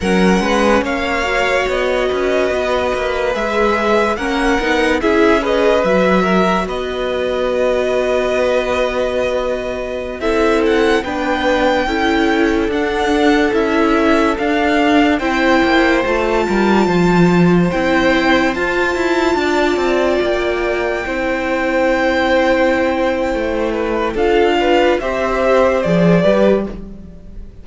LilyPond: <<
  \new Staff \with { instrumentName = "violin" } { \time 4/4 \tempo 4 = 72 fis''4 f''4 dis''2 | e''4 fis''4 e''8 dis''8 e''4 | dis''1~ | dis''16 e''8 fis''8 g''2 fis''8.~ |
fis''16 e''4 f''4 g''4 a''8.~ | a''4~ a''16 g''4 a''4.~ a''16~ | a''16 g''2.~ g''8.~ | g''4 f''4 e''4 d''4 | }
  \new Staff \with { instrumentName = "violin" } { \time 4/4 ais'8 b'8 cis''4. b'4.~ | b'4 ais'4 gis'8 b'4 ais'8 | b'1~ | b'16 a'4 b'4 a'4.~ a'16~ |
a'2~ a'16 c''4. ais'16~ | ais'16 c''2. d''8.~ | d''4~ d''16 c''2~ c''8.~ | c''8 b'8 a'8 b'8 c''4. b'8 | }
  \new Staff \with { instrumentName = "viola" } { \time 4/4 cis'4. fis'2~ fis'8 | gis'4 cis'8 dis'8 e'8 gis'8 fis'4~ | fis'1~ | fis'16 e'4 d'4 e'4 d'8.~ |
d'16 e'4 d'4 e'4 f'8.~ | f'4~ f'16 e'4 f'4.~ f'16~ | f'4~ f'16 e'2~ e'8.~ | e'4 f'4 g'4 gis'8 g'8 | }
  \new Staff \with { instrumentName = "cello" } { \time 4/4 fis8 gis8 ais4 b8 cis'8 b8 ais8 | gis4 ais8 b8 cis'4 fis4 | b1~ | b16 c'4 b4 cis'4 d'8.~ |
d'16 cis'4 d'4 c'8 ais8 a8 g16~ | g16 f4 c'4 f'8 e'8 d'8 c'16~ | c'16 ais4 c'2~ c'8. | a4 d'4 c'4 f8 g8 | }
>>